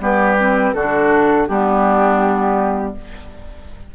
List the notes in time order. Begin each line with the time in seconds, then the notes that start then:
0.00 G3 B3 G4 B4
0.39 C4
0.73 D3 D4 F#4 A4
1.47 G3 B3 D4 G4